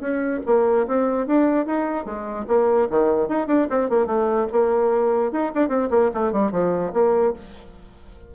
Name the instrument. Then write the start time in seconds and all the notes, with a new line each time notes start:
bassoon
0.00 C#4
0.46 A#3
0.87 C4
1.27 D4
1.66 D#4
2.05 G#3
2.48 A#3
2.90 D#3
3.28 D#4
3.47 D4
3.70 C4
3.90 A#3
4.07 A3
4.52 A#3
5.32 D#4
5.55 D4
5.69 C4
5.91 A#3
6.14 A3
6.33 G3
6.52 F3
6.93 A#3